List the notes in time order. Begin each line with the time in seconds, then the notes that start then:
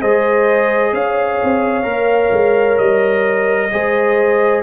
0.00 G#3 G#4 C5 D#5
0.92 C#4 C#5 F5
1.43 C4
1.83 A#3 A#4
2.31 G#3
2.77 G3 D#5
3.71 G#3 G#4 C5